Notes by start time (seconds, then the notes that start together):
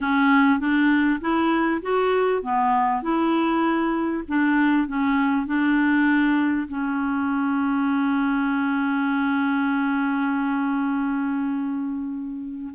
0.00 C#4
0.59 D4
1.20 E4
1.82 F#4
2.42 B3
3.02 E4
4.28 D4
4.87 C#4
5.46 D4
6.67 C#4